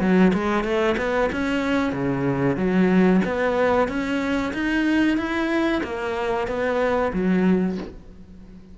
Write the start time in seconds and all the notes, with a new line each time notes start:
0.00 F#3
0.34 G#3
0.64 A3
0.97 B3
1.32 C#4
1.93 C#3
2.57 F#3
3.25 B3
3.88 C#4
4.53 D#4
5.17 E4
5.84 A#3
6.47 B3
7.13 F#3